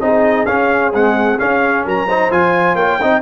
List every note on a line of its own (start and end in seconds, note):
0.00 0.46 C4
0.00 0.47 D#4
0.00 1.85 G#4
0.00 0.45 D#5
0.45 0.93 C#4
0.45 0.92 F5
0.93 1.38 G#3
0.93 1.39 C4
0.93 1.39 F#5
1.38 2.08 C#4
1.38 1.85 C#4
1.38 1.85 F5
1.85 2.30 F#3
1.85 2.08 A#4
1.85 2.32 A#5
2.08 2.31 D#4
2.08 2.76 C5
2.30 2.75 F3
2.30 3.01 F4
2.30 2.75 G#5
2.75 2.98 A#3
2.75 3.00 C#5
2.75 3.22 G5
3.01 3.22 C4
3.01 3.22 D#4
3.01 3.22 D#5